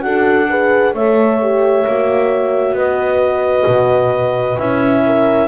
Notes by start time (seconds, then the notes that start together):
0.00 D4 F#4 A4 F#5
0.49 G#4 B4
0.94 A3 A4 C#5 E5
1.41 G4
1.86 A#3 F#4
2.73 B3 B4 D#5
3.67 B2
4.58 C#4 E4 E5
5.06 A#4